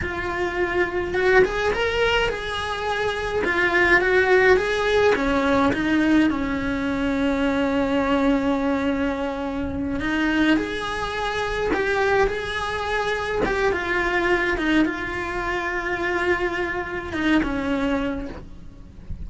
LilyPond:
\new Staff \with { instrumentName = "cello" } { \time 4/4 \tempo 4 = 105 f'2 fis'8 gis'8 ais'4 | gis'2 f'4 fis'4 | gis'4 cis'4 dis'4 cis'4~ | cis'1~ |
cis'4. dis'4 gis'4.~ | gis'8 g'4 gis'2 g'8 | f'4. dis'8 f'2~ | f'2 dis'8 cis'4. | }